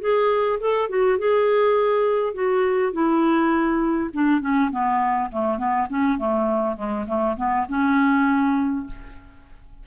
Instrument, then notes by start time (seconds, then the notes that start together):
clarinet
0.00 G#4
0.60 A4
0.89 F#4
1.18 G#4
2.34 F#4
2.93 E4
4.13 D4
4.41 C#4
4.71 B3
5.31 A3
5.57 B3
5.89 C#4
6.18 A3
6.76 G#3
7.07 A3
7.37 B3
7.68 C#4